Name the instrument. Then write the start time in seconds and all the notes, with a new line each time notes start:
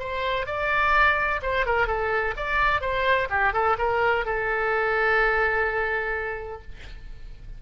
oboe
0.00 C5
0.47 D5
1.42 C5
1.66 A#4
1.87 A4
2.37 D5
2.82 C5
3.30 G4
3.53 A4
3.78 A#4
4.26 A4